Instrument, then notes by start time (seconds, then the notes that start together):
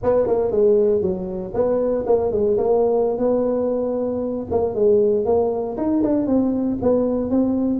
tuba
0.03 B3
0.26 A#3
0.51 G#3
1.01 F#3
1.54 B3
2.06 A#3
2.31 G#3
2.57 A#3
3.18 B3
4.50 A#3
4.74 G#3
5.25 A#3
5.77 D#4
6.03 D4
6.26 C4
6.82 B3
7.30 C4